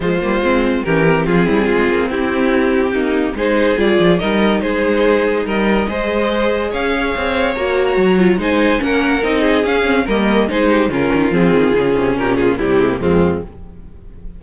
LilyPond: <<
  \new Staff \with { instrumentName = "violin" } { \time 4/4 \tempo 4 = 143 c''2 ais'4 gis'4~ | gis'4 g'2. | c''4 d''4 dis''4 c''4~ | c''4 dis''2. |
f''2 ais''2 | gis''4 fis''4 dis''4 f''4 | dis''4 c''4 ais'4 gis'4~ | gis'4 ais'8 gis'8 g'4 f'4 | }
  \new Staff \with { instrumentName = "violin" } { \time 4/4 f'2 g'4 f'8 e'8 | f'4 e'2 dis'4 | gis'2 ais'4 gis'4~ | gis'4 ais'4 c''2 |
cis''1 | c''4 ais'4. gis'4. | ais'4 gis'8 g'8 f'2~ | f'4 g'8 f'8 e'4 c'4 | }
  \new Staff \with { instrumentName = "viola" } { \time 4/4 gis8 ais8 c'4 cis'8 c'4.~ | c'1 | dis'4 f'4 dis'2~ | dis'2 gis'2~ |
gis'2 fis'4. f'8 | dis'4 cis'4 dis'4 cis'8 c'8 | ais4 dis'4 cis'4 c'4 | cis'2 g8 gis16 ais16 gis4 | }
  \new Staff \with { instrumentName = "cello" } { \time 4/4 f8 g8 gis4 e4 f8 g8 | gis8 ais8 c'2 ais4 | gis4 g8 f8 g4 gis4~ | gis4 g4 gis2 |
cis'4 c'4 ais4 fis4 | gis4 ais4 c'4 cis'4 | g4 gis4 cis8 dis8 f8 dis8 | cis8 c8 ais,4 c4 f,4 | }
>>